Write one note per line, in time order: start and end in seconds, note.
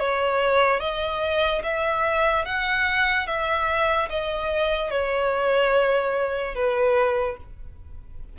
0.00 0.80 C#5
0.80 1.63 D#5
1.64 2.45 E5
2.45 3.27 F#5
3.27 4.09 E5
4.10 4.91 D#5
4.91 6.55 C#5
6.55 7.37 B4